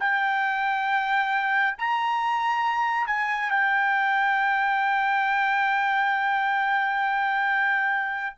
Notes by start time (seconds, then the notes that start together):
0.00 G5
1.78 A#5
3.06 G#5
3.50 G5